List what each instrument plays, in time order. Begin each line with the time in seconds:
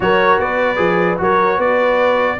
0.00 tuba F#3, trombone F#4, horn A#4, trumpet C#5
0.38 tuba B3, horn B4, trumpet D5
0.76 tuba F3, trombone G#4
1.18 tuba F#3, trombone F#4, horn A#4, trumpet C#5
1.56 tuba B3, horn B4, trumpet D5